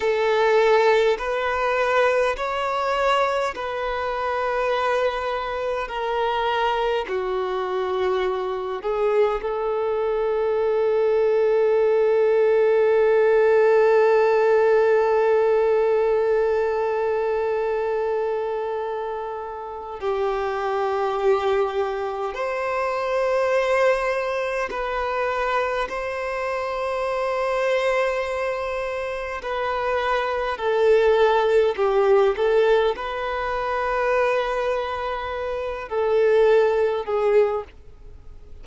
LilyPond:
\new Staff \with { instrumentName = "violin" } { \time 4/4 \tempo 4 = 51 a'4 b'4 cis''4 b'4~ | b'4 ais'4 fis'4. gis'8 | a'1~ | a'1~ |
a'4 g'2 c''4~ | c''4 b'4 c''2~ | c''4 b'4 a'4 g'8 a'8 | b'2~ b'8 a'4 gis'8 | }